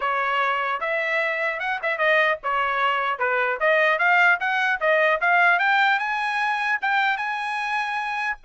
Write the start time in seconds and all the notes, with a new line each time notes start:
0.00 C#5
0.80 E5
1.59 F#5
1.82 E5
1.98 D#5
2.43 C#5
3.19 B4
3.59 D#5
3.99 F5
4.40 F#5
4.80 D#5
5.20 F5
5.59 G5
5.99 G#5
6.81 G5
7.17 G#5